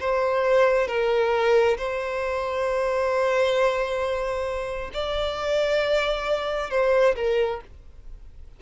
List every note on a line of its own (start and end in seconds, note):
0.00 0.88 C5
0.88 1.77 A#4
1.78 4.91 C5
4.94 6.71 D5
6.71 7.16 C5
7.16 7.61 A#4